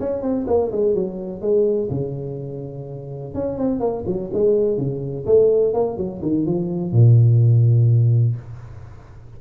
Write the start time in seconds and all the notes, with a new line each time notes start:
0.00 C#4
0.22 C4
0.47 A#3
0.72 G#3
0.94 F#3
1.41 G#3
1.90 C#3
3.34 C#4
3.58 C4
3.80 A#3
4.06 F#3
4.33 G#3
4.77 C#3
5.26 A3
5.73 A#3
5.97 F#3
6.22 D#3
6.46 F3
6.92 A#2